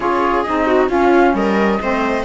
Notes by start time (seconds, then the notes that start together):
0.00 C#4 F4 G#4 C#5
0.42 D#4 D#5
0.48 C4
0.66 F#4
0.89 C#4 F4 F5
1.33 G3 A#4 D#5
1.81 A3 C4 C5